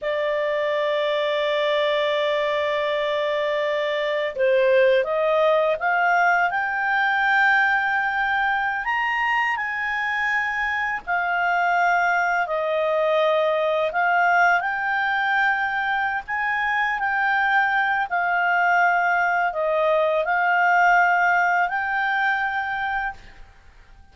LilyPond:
\new Staff \with { instrumentName = "clarinet" } { \time 4/4 \tempo 4 = 83 d''1~ | d''2 c''4 dis''4 | f''4 g''2.~ | g''16 ais''4 gis''2 f''8.~ |
f''4~ f''16 dis''2 f''8.~ | f''16 g''2~ g''16 gis''4 g''8~ | g''4 f''2 dis''4 | f''2 g''2 | }